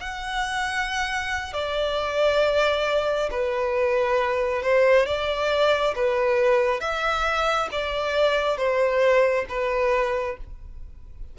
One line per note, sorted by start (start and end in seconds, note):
0.00 1.53 F#5
1.53 3.30 D5
3.31 4.62 B4
4.62 5.06 C5
5.06 5.94 D5
5.95 6.81 B4
6.81 7.69 E5
7.72 8.57 D5
8.57 9.45 C5
9.49 10.37 B4